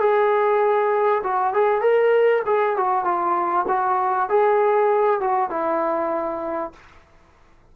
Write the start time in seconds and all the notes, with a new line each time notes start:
0.00 G#4
1.23 F#4
1.54 G#4
1.81 A#4
2.45 G#4
2.76 F#4
3.04 F4
3.68 F#4
4.29 G#4
5.20 F#4
5.50 E4